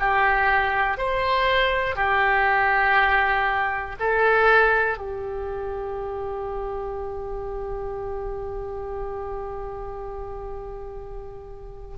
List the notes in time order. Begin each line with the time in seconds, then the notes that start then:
0.00 G4
0.98 C5
1.96 G4
4.00 A4
4.98 G4